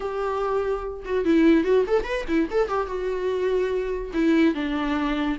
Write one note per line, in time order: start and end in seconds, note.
0.00 1.03 G4
1.05 1.24 F#4
1.24 1.64 E4
1.64 1.84 F#4
1.87 2.04 A4
2.04 2.24 B4
2.28 2.48 E4
2.50 2.68 A4
2.68 2.87 G4
2.87 4.11 F#4
4.13 4.54 E4
4.54 5.37 D4